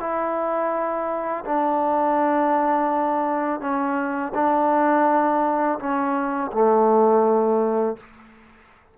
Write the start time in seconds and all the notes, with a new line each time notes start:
0.00 E4
1.45 D4
3.60 C#4
4.34 D4
5.79 C#4
6.52 A3